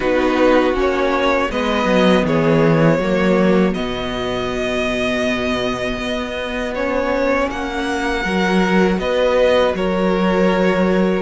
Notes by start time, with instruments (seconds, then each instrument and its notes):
0.00 cello B3, viola D#4, violin F#4 B4
0.73 cello A#3, viola C#4
0.80 violin C#5
1.50 cello G#3, viola B3, violin B4 D#5
1.84 cello F#3
2.23 cello E3, violin G#4 C#5
2.98 cello F#3, viola A#3, violin F#4
3.74 cello B2, viola B3, violin D#5
5.97 cello B3
6.75 viola C#4, violin C#5
7.50 cello A#3, violin F#5
8.22 cello F#3, viola F#4, violin A#4
8.98 cello B3, violin B4 D#5
9.74 cello F#3, violin A#4 C#5